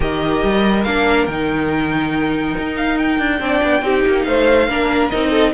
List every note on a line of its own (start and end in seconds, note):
0.00 0.43 D#3
0.00 0.84 G4
0.00 3.38 A#4
0.00 0.83 D#5
0.43 0.86 G3
0.83 1.27 A#3
0.83 1.29 D4
0.83 1.26 F5
1.26 2.55 D#3
1.26 3.39 D#4
1.26 2.75 G5
2.57 3.18 D#4
2.76 2.98 F5
2.98 4.23 G5
3.18 3.40 D4
3.39 3.61 C4
3.39 3.82 D4
3.39 3.84 D5
3.63 3.82 B3
3.82 4.03 C4
3.82 4.68 D#4
3.82 4.26 G4
4.07 4.26 A#3
4.23 4.68 A3
4.23 4.68 C5
4.23 5.08 F5
4.68 5.11 A#3
4.68 5.11 D4
4.68 5.30 A#4
5.09 5.53 C4
5.09 5.53 D#4
5.09 5.52 D#5
5.30 5.51 A4